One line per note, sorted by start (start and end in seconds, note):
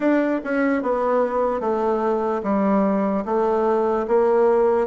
0.00 0.40 D4
0.43 0.82 C#4
0.82 1.60 B3
1.60 2.41 A3
2.43 3.24 G3
3.25 4.06 A3
4.07 4.87 A#3